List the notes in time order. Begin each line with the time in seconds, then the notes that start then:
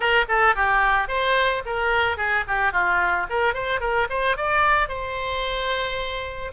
0.00 A#4
0.28 A4
0.55 G4
1.08 C5
1.65 A#4
2.17 G#4
2.47 G4
2.72 F4
3.29 A#4
3.54 C5
3.80 A#4
4.09 C5
4.37 D5
4.88 C5